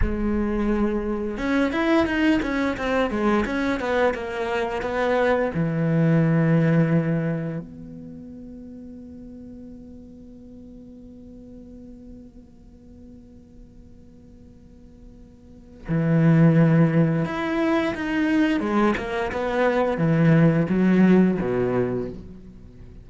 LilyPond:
\new Staff \with { instrumentName = "cello" } { \time 4/4 \tempo 4 = 87 gis2 cis'8 e'8 dis'8 cis'8 | c'8 gis8 cis'8 b8 ais4 b4 | e2. b4~ | b1~ |
b1~ | b2. e4~ | e4 e'4 dis'4 gis8 ais8 | b4 e4 fis4 b,4 | }